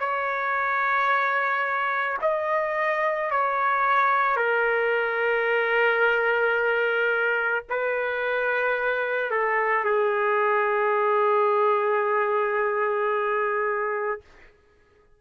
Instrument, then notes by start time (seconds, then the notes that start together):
trumpet
0.00 C#5
2.22 D#5
3.31 C#5
4.37 A#4
7.70 B4
9.31 A4
9.85 G#4